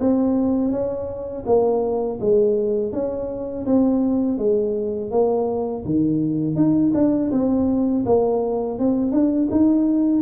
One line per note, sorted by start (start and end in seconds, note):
0.00 0.71 C4
0.71 1.44 C#4
1.46 2.19 A#3
2.21 2.92 G#3
2.92 3.66 C#4
3.66 4.38 C4
4.38 5.11 G#3
5.11 5.84 A#3
5.85 6.56 D#3
6.56 6.92 D#4
6.94 7.31 D4
7.31 8.04 C4
8.06 8.79 A#3
8.79 9.12 C4
9.12 9.48 D4
9.51 10.22 D#4